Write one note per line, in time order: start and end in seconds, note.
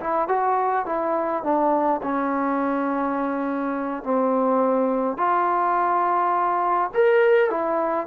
0.00 0.28 E4
0.28 0.86 F#4
0.86 1.43 E4
1.43 2.01 D4
2.03 4.03 C#4
4.03 5.17 C4
5.17 6.90 F4
6.94 7.50 A#4
7.50 8.07 E4